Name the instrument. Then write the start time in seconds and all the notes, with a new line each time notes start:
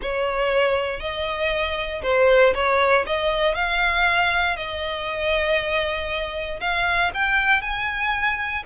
violin
0.02 C#5
1.00 D#5
2.02 C5
2.54 C#5
3.06 D#5
3.54 F5
4.56 D#5
6.60 F5
7.14 G5
7.61 G#5